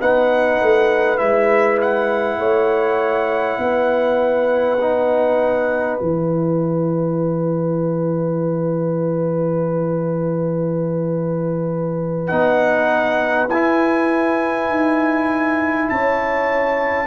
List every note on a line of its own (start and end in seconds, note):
0.00 0.61 B3
0.00 1.18 D#4
0.00 2.39 B4
0.00 1.18 F#5
0.61 1.20 A3
1.18 2.38 G#3
1.18 4.78 E4
1.18 1.78 E5
1.81 5.98 F#5
2.38 3.58 A3
2.38 3.59 C#5
3.58 5.98 B3
3.58 15.91 B4
4.81 6.00 D#4
5.98 12.31 E3
5.98 12.28 E4
5.98 12.27 G#5
12.27 13.48 B3
12.27 13.48 D#4
12.27 13.47 F#5
13.48 14.69 E4
13.48 17.07 E4
13.48 15.89 G#5
14.69 15.88 D#4
15.89 17.07 C#4
15.89 17.07 C#5
15.89 17.07 A5